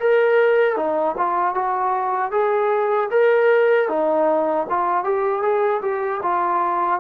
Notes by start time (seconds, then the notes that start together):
0.00 A#4
0.77 D#4
1.18 F4
1.55 F#4
2.32 G#4
3.11 A#4
3.89 D#4
4.70 F4
5.04 G4
5.43 G#4
5.82 G4
6.23 F4